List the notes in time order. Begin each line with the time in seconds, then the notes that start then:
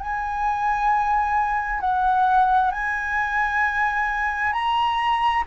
0.00 G#5
1.80 F#5
2.71 G#5
4.53 A#5